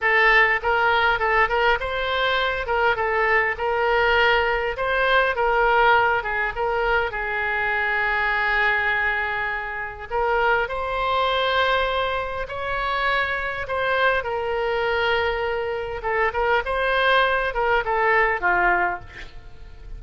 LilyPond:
\new Staff \with { instrumentName = "oboe" } { \time 4/4 \tempo 4 = 101 a'4 ais'4 a'8 ais'8 c''4~ | c''8 ais'8 a'4 ais'2 | c''4 ais'4. gis'8 ais'4 | gis'1~ |
gis'4 ais'4 c''2~ | c''4 cis''2 c''4 | ais'2. a'8 ais'8 | c''4. ais'8 a'4 f'4 | }